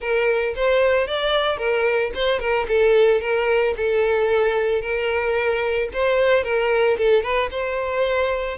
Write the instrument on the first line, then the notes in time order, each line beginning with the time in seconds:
violin
0.00 A#4
0.55 C5
1.07 D5
1.57 A#4
2.14 C5
2.39 A#4
2.68 A4
3.20 A#4
3.76 A4
4.81 A#4
5.93 C5
6.43 A#4
6.97 A4
7.22 B4
7.50 C5